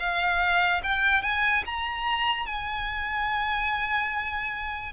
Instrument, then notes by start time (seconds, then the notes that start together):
violin
0.00 F5
0.84 G5
1.23 G#5
1.66 A#5
2.47 G#5